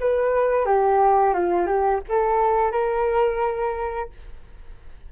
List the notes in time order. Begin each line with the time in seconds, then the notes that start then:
0.00 B4
0.66 G4
1.34 F4
1.66 G4
2.09 A4
2.72 A#4